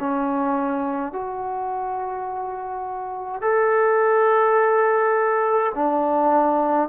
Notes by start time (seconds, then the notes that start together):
0.00 C#4
1.13 F#4
3.42 A4
5.75 D4